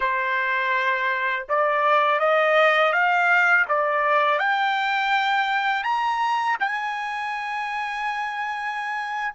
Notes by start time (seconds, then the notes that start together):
0.00 C5
1.48 D5
2.20 D#5
2.92 F5
3.68 D5
4.39 G5
5.83 A#5
6.60 G#5